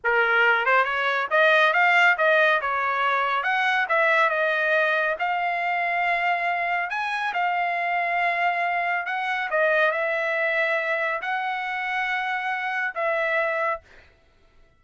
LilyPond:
\new Staff \with { instrumentName = "trumpet" } { \time 4/4 \tempo 4 = 139 ais'4. c''8 cis''4 dis''4 | f''4 dis''4 cis''2 | fis''4 e''4 dis''2 | f''1 |
gis''4 f''2.~ | f''4 fis''4 dis''4 e''4~ | e''2 fis''2~ | fis''2 e''2 | }